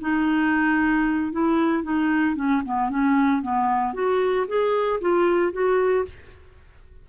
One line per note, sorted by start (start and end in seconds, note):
0.00 1.32 D#4
1.32 1.83 E4
1.83 2.35 D#4
2.35 2.61 C#4
2.65 2.89 B3
2.89 3.42 C#4
3.42 3.94 B3
3.94 4.46 F#4
4.47 5.00 G#4
5.00 5.52 F4
5.52 6.05 F#4